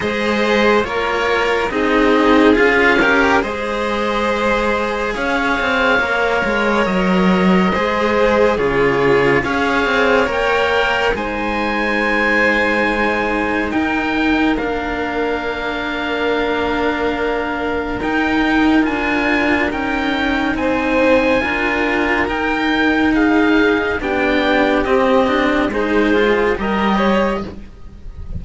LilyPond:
<<
  \new Staff \with { instrumentName = "oboe" } { \time 4/4 \tempo 4 = 70 dis''4 cis''4 dis''4 f''4 | dis''2 f''2 | dis''2 cis''4 f''4 | g''4 gis''2. |
g''4 f''2.~ | f''4 g''4 gis''4 g''4 | gis''2 g''4 f''4 | g''4 dis''4 c''4 dis''4 | }
  \new Staff \with { instrumentName = "violin" } { \time 4/4 c''4 ais'4 gis'4. ais'8 | c''2 cis''2~ | cis''4 c''4 gis'4 cis''4~ | cis''4 c''2. |
ais'1~ | ais'1 | c''4 ais'2 gis'4 | g'2 gis'4 ais'8 cis''8 | }
  \new Staff \with { instrumentName = "cello" } { \time 4/4 gis'4 f'4 dis'4 f'8 g'8 | gis'2. ais'4~ | ais'4 gis'4 f'4 gis'4 | ais'4 dis'2.~ |
dis'4 d'2.~ | d'4 dis'4 f'4 dis'4~ | dis'4 f'4 dis'2 | d'4 c'8 d'8 dis'8 f'8 g'4 | }
  \new Staff \with { instrumentName = "cello" } { \time 4/4 gis4 ais4 c'4 cis'4 | gis2 cis'8 c'8 ais8 gis8 | fis4 gis4 cis4 cis'8 c'8 | ais4 gis2. |
dis'4 ais2.~ | ais4 dis'4 d'4 cis'4 | c'4 d'4 dis'2 | b4 c'4 gis4 g4 | }
>>